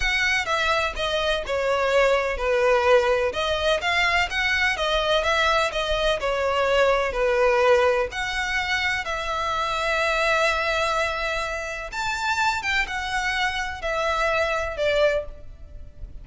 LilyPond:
\new Staff \with { instrumentName = "violin" } { \time 4/4 \tempo 4 = 126 fis''4 e''4 dis''4 cis''4~ | cis''4 b'2 dis''4 | f''4 fis''4 dis''4 e''4 | dis''4 cis''2 b'4~ |
b'4 fis''2 e''4~ | e''1~ | e''4 a''4. g''8 fis''4~ | fis''4 e''2 d''4 | }